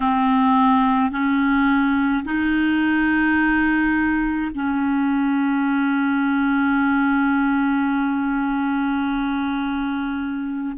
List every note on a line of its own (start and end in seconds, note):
0.00 1.11 C4
1.11 2.24 C#4
2.24 4.51 D#4
4.54 10.77 C#4